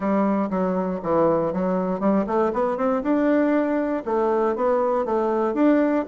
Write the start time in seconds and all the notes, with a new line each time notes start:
0.00 G3
0.50 F#3
1.02 E3
1.52 F#3
1.99 G3
2.26 A3
2.53 B3
2.77 C4
3.03 D4
4.05 A3
4.55 B3
5.05 A3
5.54 D4